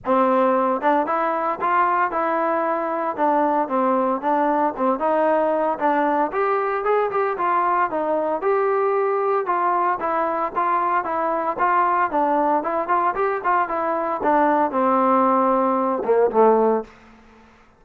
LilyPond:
\new Staff \with { instrumentName = "trombone" } { \time 4/4 \tempo 4 = 114 c'4. d'8 e'4 f'4 | e'2 d'4 c'4 | d'4 c'8 dis'4. d'4 | g'4 gis'8 g'8 f'4 dis'4 |
g'2 f'4 e'4 | f'4 e'4 f'4 d'4 | e'8 f'8 g'8 f'8 e'4 d'4 | c'2~ c'8 ais8 a4 | }